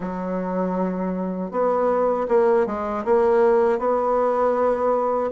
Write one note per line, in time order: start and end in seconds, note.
0.00 1.51 F#3
1.51 2.27 B3
2.28 2.66 A#3
2.66 3.04 G#3
3.04 3.78 A#3
3.78 5.30 B3